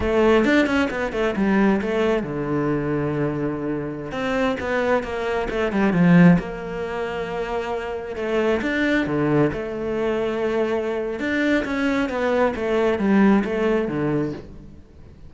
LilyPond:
\new Staff \with { instrumentName = "cello" } { \time 4/4 \tempo 4 = 134 a4 d'8 cis'8 b8 a8 g4 | a4 d2.~ | d4~ d16 c'4 b4 ais8.~ | ais16 a8 g8 f4 ais4.~ ais16~ |
ais2~ ais16 a4 d'8.~ | d'16 d4 a2~ a8.~ | a4 d'4 cis'4 b4 | a4 g4 a4 d4 | }